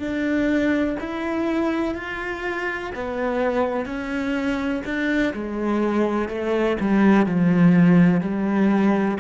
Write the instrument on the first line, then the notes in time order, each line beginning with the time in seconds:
cello
0.00 D4
1.00 E4
1.95 F4
2.95 B3
3.86 C#4
4.85 D4
5.34 G#3
6.29 A3
6.81 G3
7.27 F3
8.21 G3